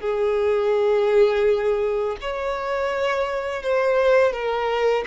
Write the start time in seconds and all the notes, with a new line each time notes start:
0.00 G#4
2.21 C#5
3.62 C5
4.32 A#4